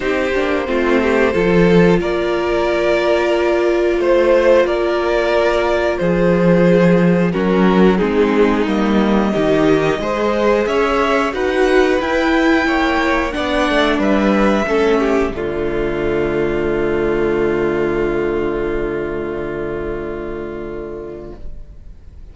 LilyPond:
<<
  \new Staff \with { instrumentName = "violin" } { \time 4/4 \tempo 4 = 90 c''2. d''4~ | d''2 c''4 d''4~ | d''4 c''2 ais'4 | gis'4 dis''2. |
e''4 fis''4 g''2 | fis''4 e''2 d''4~ | d''1~ | d''1 | }
  \new Staff \with { instrumentName = "violin" } { \time 4/4 g'4 f'8 g'8 a'4 ais'4~ | ais'2 c''4 ais'4~ | ais'4 gis'2 fis'4 | dis'2 g'4 c''4 |
cis''4 b'2 cis''4 | d''4 b'4 a'8 g'8 f'4~ | f'1~ | f'1 | }
  \new Staff \with { instrumentName = "viola" } { \time 4/4 dis'8 d'8 c'4 f'2~ | f'1~ | f'2. cis'4 | c'4 ais4 dis'4 gis'4~ |
gis'4 fis'4 e'2 | d'2 cis'4 a4~ | a1~ | a1 | }
  \new Staff \with { instrumentName = "cello" } { \time 4/4 c'8 ais8 a4 f4 ais4~ | ais2 a4 ais4~ | ais4 f2 fis4 | gis4 g4 dis4 gis4 |
cis'4 dis'4 e'4 ais4 | b8 a8 g4 a4 d4~ | d1~ | d1 | }
>>